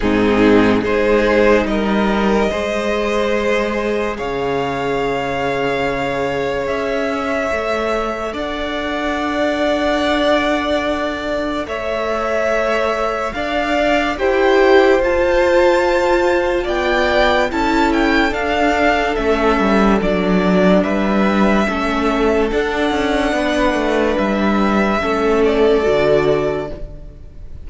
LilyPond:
<<
  \new Staff \with { instrumentName = "violin" } { \time 4/4 \tempo 4 = 72 gis'4 c''4 dis''2~ | dis''4 f''2. | e''2 fis''2~ | fis''2 e''2 |
f''4 g''4 a''2 | g''4 a''8 g''8 f''4 e''4 | d''4 e''2 fis''4~ | fis''4 e''4. d''4. | }
  \new Staff \with { instrumentName = "violin" } { \time 4/4 dis'4 gis'4 ais'4 c''4~ | c''4 cis''2.~ | cis''2 d''2~ | d''2 cis''2 |
d''4 c''2. | d''4 a'2.~ | a'4 b'4 a'2 | b'2 a'2 | }
  \new Staff \with { instrumentName = "viola" } { \time 4/4 c'4 dis'2 gis'4~ | gis'1~ | gis'4 a'2.~ | a'1~ |
a'4 g'4 f'2~ | f'4 e'4 d'4 cis'4 | d'2 cis'4 d'4~ | d'2 cis'4 fis'4 | }
  \new Staff \with { instrumentName = "cello" } { \time 4/4 gis,4 gis4 g4 gis4~ | gis4 cis2. | cis'4 a4 d'2~ | d'2 a2 |
d'4 e'4 f'2 | b4 cis'4 d'4 a8 g8 | fis4 g4 a4 d'8 cis'8 | b8 a8 g4 a4 d4 | }
>>